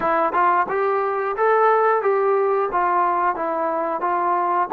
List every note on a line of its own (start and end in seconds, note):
0.00 0.32 E4
0.32 0.66 F4
0.68 1.36 G4
1.36 2.02 A4
2.02 2.69 G4
2.72 3.35 F4
3.35 4.01 E4
4.01 4.68 F4